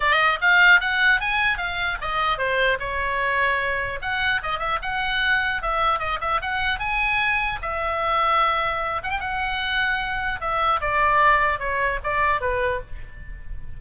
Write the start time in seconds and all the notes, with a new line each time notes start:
0.00 D#5
0.41 F5
0.80 F#5
1.20 G#5
1.57 F5
2.01 D#5
2.38 C5
2.79 C#5
4.01 F#5
4.42 D#5
4.58 E5
4.82 F#5
5.62 E5
5.99 D#5
6.20 E5
6.41 F#5
6.79 G#5
7.61 E5
9.03 F#5
9.10 G5
9.20 F#5
10.40 E5
10.81 D5
11.59 C#5
12.03 D5
12.41 B4